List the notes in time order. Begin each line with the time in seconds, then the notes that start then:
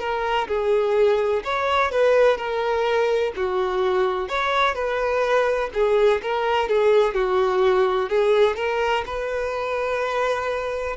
0.00 A#4
0.48 G#4
1.45 C#5
1.92 B4
2.38 A#4
3.36 F#4
4.29 C#5
4.75 B4
5.74 G#4
6.23 A#4
6.69 G#4
7.15 F#4
8.10 G#4
8.57 A#4
9.06 B4